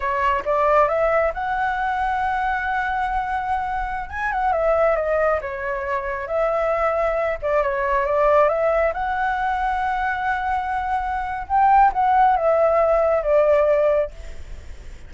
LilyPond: \new Staff \with { instrumentName = "flute" } { \time 4/4 \tempo 4 = 136 cis''4 d''4 e''4 fis''4~ | fis''1~ | fis''4~ fis''16 gis''8 fis''8 e''4 dis''8.~ | dis''16 cis''2 e''4.~ e''16~ |
e''8. d''8 cis''4 d''4 e''8.~ | e''16 fis''2.~ fis''8.~ | fis''2 g''4 fis''4 | e''2 d''2 | }